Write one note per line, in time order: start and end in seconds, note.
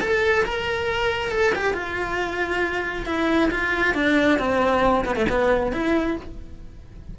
0.00 0.44 A4
0.45 1.31 A#4
1.31 1.53 A4
1.55 1.73 G4
1.73 3.06 F4
3.06 3.50 E4
3.50 3.94 F4
3.94 4.38 D4
4.38 5.05 C4
5.05 5.15 B3
5.15 5.26 A3
5.29 5.72 B3
5.72 6.16 E4